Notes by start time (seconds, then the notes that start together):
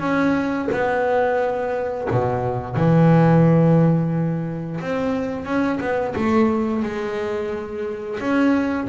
0.00 C#4
0.72 B3
2.11 B2
2.76 E3
4.81 C4
5.45 C#4
5.80 B3
6.16 A3
6.83 G#3
8.20 C#4